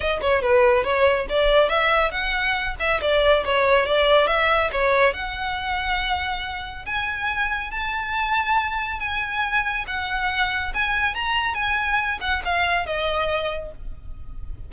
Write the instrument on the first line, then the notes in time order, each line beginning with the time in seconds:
violin
0.00 D#5
0.21 C#5
0.42 B4
0.84 C#5
1.29 D5
1.69 E5
2.11 F#5
2.79 E5
3.01 D5
3.45 C#5
3.86 D5
4.27 E5
4.72 C#5
5.13 F#5
6.85 G#5
7.70 A5
8.99 G#5
9.87 F#5
10.74 G#5
11.14 A#5
11.54 G#5
12.20 F#5
12.44 F5
12.86 D#5